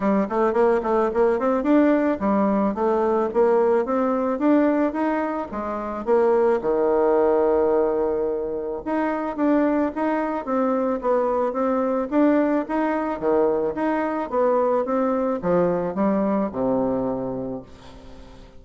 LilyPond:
\new Staff \with { instrumentName = "bassoon" } { \time 4/4 \tempo 4 = 109 g8 a8 ais8 a8 ais8 c'8 d'4 | g4 a4 ais4 c'4 | d'4 dis'4 gis4 ais4 | dis1 |
dis'4 d'4 dis'4 c'4 | b4 c'4 d'4 dis'4 | dis4 dis'4 b4 c'4 | f4 g4 c2 | }